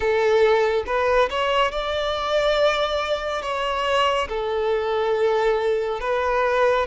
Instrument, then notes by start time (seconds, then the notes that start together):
violin
0.00 A4
0.86 B4
1.30 C#5
1.71 D5
3.42 C#5
4.29 A4
6.00 B4